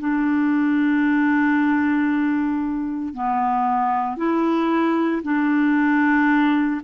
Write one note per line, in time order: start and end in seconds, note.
0.00 3.14 D4
3.14 4.17 B3
4.17 5.22 E4
5.23 6.81 D4